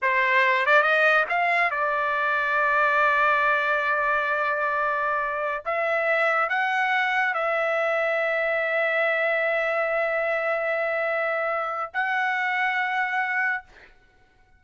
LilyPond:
\new Staff \with { instrumentName = "trumpet" } { \time 4/4 \tempo 4 = 141 c''4. d''8 dis''4 f''4 | d''1~ | d''1~ | d''4~ d''16 e''2 fis''8.~ |
fis''4~ fis''16 e''2~ e''8.~ | e''1~ | e''1 | fis''1 | }